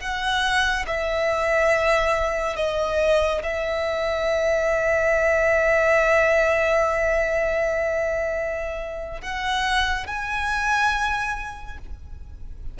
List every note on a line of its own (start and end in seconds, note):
0.00 0.86 F#5
0.87 2.57 E5
2.57 3.42 D#5
3.43 9.22 E5
9.22 10.07 F#5
10.07 11.78 G#5